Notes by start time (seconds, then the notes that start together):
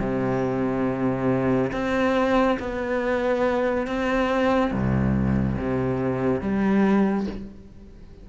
0.00 C3
1.72 C4
2.59 B3
3.88 C4
4.71 C2
5.58 C3
6.41 G3